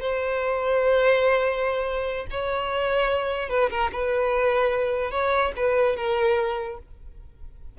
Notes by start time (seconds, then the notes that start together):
0.00 C5
2.30 C#5
3.49 B4
3.70 A#4
3.92 B4
5.11 C#5
5.56 B4
5.96 A#4